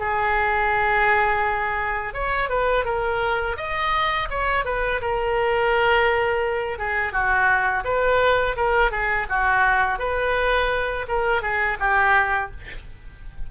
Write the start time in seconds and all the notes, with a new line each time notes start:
0.00 G#4
2.14 C#5
2.50 B4
2.85 A#4
3.57 D#5
4.31 C#5
4.66 B4
5.02 A#4
6.79 G#4
7.13 F#4
7.85 B4
8.57 A#4
8.92 G#4
9.30 F#4
9.99 B4
11.08 A#4
11.43 G#4
11.80 G4